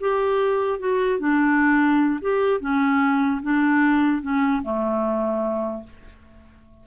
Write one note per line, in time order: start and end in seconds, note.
0.00 0.79 G4
0.79 1.19 F#4
1.19 2.20 D4
2.21 2.61 G4
2.61 3.41 C#4
3.42 4.22 D4
4.22 4.62 C#4
4.63 5.84 A3